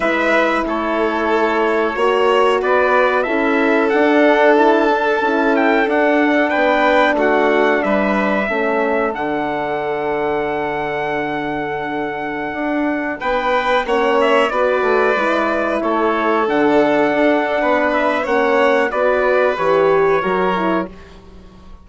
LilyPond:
<<
  \new Staff \with { instrumentName = "trumpet" } { \time 4/4 \tempo 4 = 92 e''4 cis''2. | d''4 e''4 fis''4 a''4~ | a''8 g''8 fis''4 g''4 fis''4 | e''2 fis''2~ |
fis''1~ | fis''16 g''4 fis''8 e''8 d''4.~ d''16~ | d''16 cis''4 fis''2~ fis''16 e''8 | fis''4 d''4 cis''2 | }
  \new Staff \with { instrumentName = "violin" } { \time 4/4 b'4 a'2 cis''4 | b'4 a'2.~ | a'2 b'4 fis'4 | b'4 a'2.~ |
a'1~ | a'16 b'4 cis''4 b'4.~ b'16~ | b'16 a'2~ a'8. b'4 | cis''4 b'2 ais'4 | }
  \new Staff \with { instrumentName = "horn" } { \time 4/4 e'2. fis'4~ | fis'4 e'4 d'4 e'8 d'8 | e'4 d'2.~ | d'4 cis'4 d'2~ |
d'1~ | d'4~ d'16 cis'4 fis'4 e'8.~ | e'4~ e'16 d'2~ d'8. | cis'4 fis'4 g'4 fis'8 e'8 | }
  \new Staff \with { instrumentName = "bassoon" } { \time 4/4 gis4 a2 ais4 | b4 cis'4 d'2 | cis'4 d'4 b4 a4 | g4 a4 d2~ |
d2.~ d16 d'8.~ | d'16 b4 ais4 b8 a8 gis8.~ | gis16 a4 d4 d'8. b4 | ais4 b4 e4 fis4 | }
>>